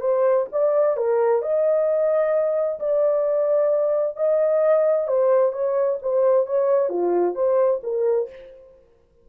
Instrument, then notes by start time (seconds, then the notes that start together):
horn
0.00 C5
0.52 D5
0.97 A#4
1.42 D#5
2.79 D5
4.16 D#5
5.07 C5
5.52 C#5
6.01 C5
6.46 C#5
6.89 F4
7.34 C5
7.83 A#4